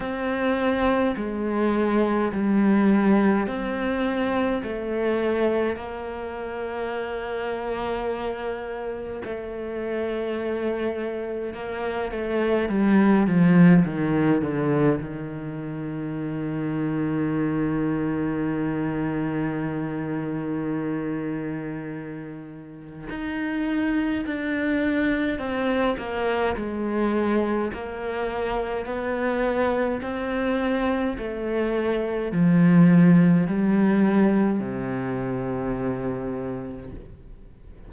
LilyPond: \new Staff \with { instrumentName = "cello" } { \time 4/4 \tempo 4 = 52 c'4 gis4 g4 c'4 | a4 ais2. | a2 ais8 a8 g8 f8 | dis8 d8 dis2.~ |
dis1 | dis'4 d'4 c'8 ais8 gis4 | ais4 b4 c'4 a4 | f4 g4 c2 | }